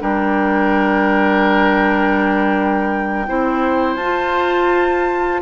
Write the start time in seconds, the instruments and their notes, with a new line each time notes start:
0.00 bassoon G3, clarinet D4, oboe A#4, flute G5
3.27 bassoon C4, clarinet E4, oboe C5
3.95 bassoon F4, flute A5
4.02 clarinet F4